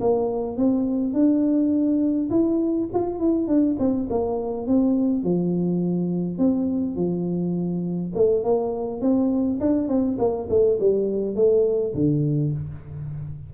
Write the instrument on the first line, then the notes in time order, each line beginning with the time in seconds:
tuba
0.00 A#3
0.57 C4
1.13 D4
2.30 E4
2.94 F4
3.19 E4
3.47 D4
3.79 C4
4.09 A#3
4.67 C4
5.23 F3
6.38 C4
6.95 F3
8.14 A3
8.44 A#3
9.01 C4
9.60 D4
9.88 C4
10.18 A#3
10.49 A3
10.79 G3
11.35 A3
11.94 D3